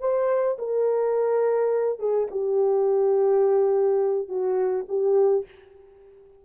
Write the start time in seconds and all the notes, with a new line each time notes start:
0.00 C5
0.58 A#4
1.99 G#4
2.31 G4
4.29 F#4
4.88 G4